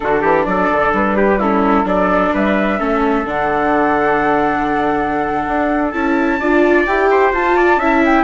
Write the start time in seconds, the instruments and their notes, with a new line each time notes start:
0.00 bassoon D3, viola D4, trumpet F#4, flute A4
0.21 bassoon E3, trumpet G4
0.45 bassoon F#3, trumpet A4, flute D5
0.72 bassoon D3
0.92 bassoon G3, flute B4
1.16 trumpet G4
1.38 viola C#4, trumpet E4, flute A4
1.84 bassoon F#3, viola D4, trumpet A4, flute D5
2.33 bassoon G3, trumpet B4, flute E5
2.78 bassoon A3, viola C#4, trumpet A4
3.24 bassoon D3, viola D4, flute F#5
5.47 bassoon D4
5.90 bassoon C#4, viola E4, flute A5
6.39 bassoon D4, viola F4, trumpet D5
6.86 bassoon E4, viola G4, flute G5
7.10 trumpet C5
7.32 bassoon F4, viola F4, flute A5
7.56 trumpet D5
7.76 bassoon C#4, viola E4, trumpet E5
8.05 flute G5